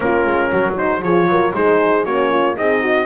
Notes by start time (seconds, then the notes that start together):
0.00 A#3 C#4 F4 A#4
0.26 G#3
0.50 F#3 F#4
0.76 D#4 C5
1.02 F3 F4 G#4 C#5
1.26 F#3 A#4
1.53 G#3 D#4 G#4 C5
2.05 A#3 C#4 F#4 C#5
2.30 F4
2.55 C4 D#4 G#4 D#5
2.82 F#4